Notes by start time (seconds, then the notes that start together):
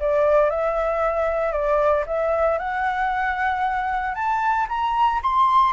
0.00 D5
0.50 E5
1.52 D5
2.07 E5
2.58 F#5
4.15 A5
4.69 A#5
5.23 C6